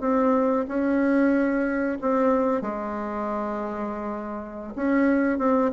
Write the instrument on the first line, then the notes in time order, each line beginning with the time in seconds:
bassoon
0.00 C4
0.68 C#4
2.01 C4
2.61 G#3
4.75 C#4
5.38 C4